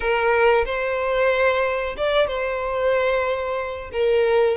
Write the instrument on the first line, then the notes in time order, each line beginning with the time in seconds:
violin
0.00 A#4
0.65 C5
1.97 D5
2.27 C5
3.92 A#4